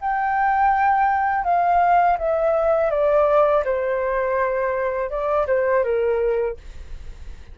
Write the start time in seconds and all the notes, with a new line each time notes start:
0.00 G5
1.44 F5
2.18 E5
2.90 D5
3.65 C5
5.10 D5
5.47 C5
5.84 A#4